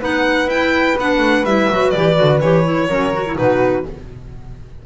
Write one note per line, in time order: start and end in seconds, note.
0.00 0.46 B3
0.00 0.48 D#4
0.00 2.88 B4
0.00 0.49 F#5
0.46 0.94 E4
0.46 0.97 E4
0.46 0.97 G5
0.97 1.18 B3
0.97 1.47 D4
0.97 1.45 F#5
1.18 1.42 A3
1.43 1.67 G3
1.43 1.70 E4
1.43 1.90 E5
1.70 1.94 F#3
1.70 1.94 F#4
1.90 2.19 E3
1.90 2.15 G4
1.90 2.38 D5
2.15 2.40 D3
2.15 2.39 F#4
2.40 2.88 E3
2.40 2.64 G4
2.40 3.37 C#5
2.64 2.88 E4
2.88 3.36 F#3
2.88 3.13 C#4
2.88 3.36 A#4
3.13 3.25 F#4
3.26 3.35 E4
3.35 3.86 B2
3.35 3.83 D#4
3.35 3.84 F#4
3.35 3.85 B4